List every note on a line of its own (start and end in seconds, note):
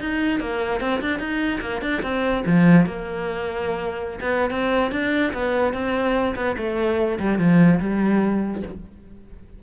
0.00 0.40 D#4
0.40 0.80 A#3
0.80 1.01 C4
1.01 1.19 D4
1.19 1.60 D#4
1.61 1.81 A#3
1.81 2.02 D4
2.02 2.43 C4
2.46 2.86 F3
2.86 4.20 A#3
4.20 4.50 B3
4.50 4.91 C4
4.91 5.33 D4
5.33 5.73 B3
5.73 6.35 C4
6.35 6.56 B3
6.57 7.19 A3
7.19 7.38 G3
7.38 7.80 F3
7.80 8.62 G3